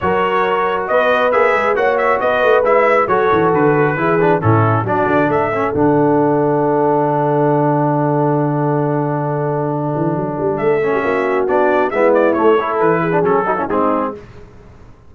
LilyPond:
<<
  \new Staff \with { instrumentName = "trumpet" } { \time 4/4 \tempo 4 = 136 cis''2 dis''4 e''4 | fis''8 e''8 dis''4 e''4 cis''4 | b'2 a'4 d''4 | e''4 fis''2.~ |
fis''1~ | fis''1 | e''2 d''4 e''8 d''8 | cis''4 b'4 a'4 gis'4 | }
  \new Staff \with { instrumentName = "horn" } { \time 4/4 ais'2 b'2 | cis''4 b'2 a'4~ | a'4 gis'4 e'4 fis'4 | a'1~ |
a'1~ | a'1~ | a'8. g'16 fis'2 e'4~ | e'8 a'4 gis'4 fis'16 e'16 dis'4 | }
  \new Staff \with { instrumentName = "trombone" } { \time 4/4 fis'2. gis'4 | fis'2 e'4 fis'4~ | fis'4 e'8 d'8 cis'4 d'4~ | d'8 cis'8 d'2.~ |
d'1~ | d'1~ | d'8 cis'4. d'4 b4 | a8 e'4~ e'16 d'16 cis'8 dis'16 cis'16 c'4 | }
  \new Staff \with { instrumentName = "tuba" } { \time 4/4 fis2 b4 ais8 gis8 | ais4 b8 a8 gis4 fis8 e8 | d4 e4 a,4 fis8 d8 | a4 d2.~ |
d1~ | d2~ d8 e8 fis8 g8 | a4 ais4 b4 gis4 | a4 e4 fis4 gis4 | }
>>